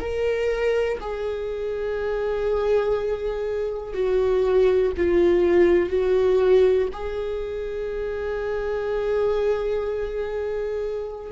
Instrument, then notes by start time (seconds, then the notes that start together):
viola
0.00 A#4
1.01 G#4
3.94 F#4
4.97 F4
5.90 F#4
6.93 G#4